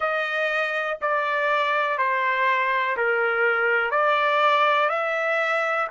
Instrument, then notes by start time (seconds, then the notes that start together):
trumpet
0.00 D#5
1.01 D5
1.98 C5
2.96 A#4
3.90 D5
4.89 E5